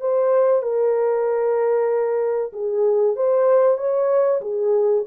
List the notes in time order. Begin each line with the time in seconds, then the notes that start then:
0.00 C5
0.62 A#4
2.53 G#4
3.16 C5
3.77 C#5
4.41 G#4